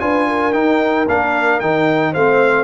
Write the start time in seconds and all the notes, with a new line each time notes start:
0.00 D4 F4 B4 G#5
0.28 A#4
0.53 D#4 G5
1.08 A#3 D4 F5
1.60 D#3 D#4 G5
2.12 A3 C4 C5 F5